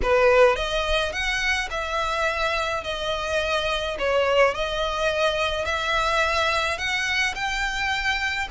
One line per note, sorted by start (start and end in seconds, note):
0.02 0.56 B4
0.56 1.12 D#5
1.12 1.69 F#5
1.70 2.83 E5
2.83 3.96 D#5
3.99 4.54 C#5
4.54 5.64 D#5
5.64 6.78 E5
6.78 7.34 F#5
7.35 8.48 G5